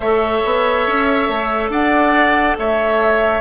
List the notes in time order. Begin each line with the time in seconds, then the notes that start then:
0.00 A3 A4 C#5 E5
0.44 B3
0.87 C#4
1.28 A3
1.69 D4 D5 F#5
2.58 A3 C#5 E5